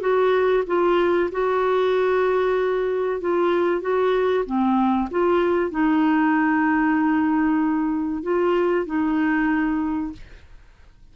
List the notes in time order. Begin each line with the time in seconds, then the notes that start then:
0.00 F#4
0.66 F4
1.31 F#4
3.20 F4
3.81 F#4
4.45 C4
5.10 F4
5.70 D#4
8.22 F4
8.86 D#4